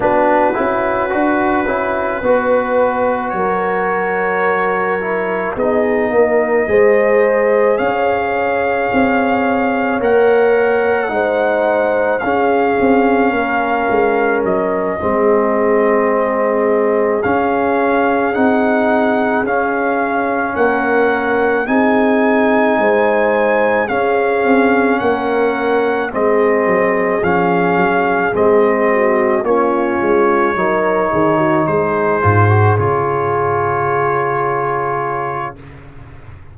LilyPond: <<
  \new Staff \with { instrumentName = "trumpet" } { \time 4/4 \tempo 4 = 54 b'2. cis''4~ | cis''4 dis''2 f''4~ | f''4 fis''2 f''4~ | f''4 dis''2~ dis''8 f''8~ |
f''8 fis''4 f''4 fis''4 gis''8~ | gis''4. f''4 fis''4 dis''8~ | dis''8 f''4 dis''4 cis''4.~ | cis''8 c''4 cis''2~ cis''8 | }
  \new Staff \with { instrumentName = "horn" } { \time 4/4 fis'2 b'4 ais'4~ | ais'4 gis'8 ais'8 c''4 cis''4~ | cis''2 c''4 gis'4 | ais'4. gis'2~ gis'8~ |
gis'2~ gis'8 ais'4 gis'8~ | gis'8 c''4 gis'4 ais'4 gis'8~ | gis'2 fis'8 f'4 ais'8 | gis'16 fis'16 gis'2.~ gis'8 | }
  \new Staff \with { instrumentName = "trombone" } { \time 4/4 d'8 e'8 fis'8 e'8 fis'2~ | fis'8 e'8 dis'4 gis'2~ | gis'4 ais'4 dis'4 cis'4~ | cis'4. c'2 cis'8~ |
cis'8 dis'4 cis'2 dis'8~ | dis'4. cis'2 c'8~ | c'8 cis'4 c'4 cis'4 dis'8~ | dis'4 f'16 fis'16 f'2~ f'8 | }
  \new Staff \with { instrumentName = "tuba" } { \time 4/4 b8 cis'8 d'8 cis'8 b4 fis4~ | fis4 b8 ais8 gis4 cis'4 | c'4 ais4 gis4 cis'8 c'8 | ais8 gis8 fis8 gis2 cis'8~ |
cis'8 c'4 cis'4 ais4 c'8~ | c'8 gis4 cis'8 c'8 ais4 gis8 | fis8 f8 fis8 gis4 ais8 gis8 fis8 | dis8 gis8 gis,8 cis2~ cis8 | }
>>